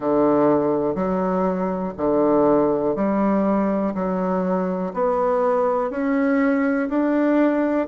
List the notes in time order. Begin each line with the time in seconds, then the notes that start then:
0.00 D3
0.94 F#3
1.97 D3
2.95 G3
3.94 F#3
4.93 B3
5.90 C#4
6.89 D4